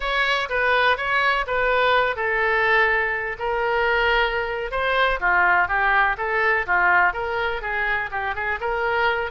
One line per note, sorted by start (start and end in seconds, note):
0.00 0.48 C#5
0.49 0.97 B4
0.97 1.45 C#5
1.46 2.15 B4
2.15 3.36 A4
3.38 4.71 A#4
4.71 5.19 C5
5.19 5.67 F4
5.67 6.16 G4
6.17 6.66 A4
6.66 7.13 F4
7.13 7.61 A#4
7.61 8.10 G#4
8.11 8.35 G4
8.35 8.59 G#4
8.60 9.31 A#4